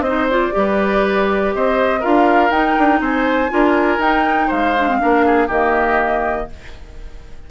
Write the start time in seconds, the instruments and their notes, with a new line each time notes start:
0.00 bassoon C4, clarinet D#4, oboe C5, flute D#5
0.29 clarinet F4, flute D5
0.52 bassoon G3, clarinet G4
0.58 oboe B4
1.54 bassoon C4, oboe C5, flute D#5
2.00 bassoon D4, clarinet F4, oboe A#4, flute F5
2.50 bassoon D#4, clarinet D#4, flute G5
2.78 bassoon D4
3.00 bassoon C4, oboe C5, flute G#5
3.49 bassoon D4, clarinet F4, oboe A#4
3.98 bassoon D#4, clarinet D#4, flute G5
4.47 bassoon G#3, oboe C5, flute F5
4.78 clarinet D4
4.88 clarinet C4
4.99 bassoon A#3, clarinet D4, oboe A#4
5.25 oboe G#4
5.47 bassoon D#3, clarinet A#3, oboe G4, flute D#5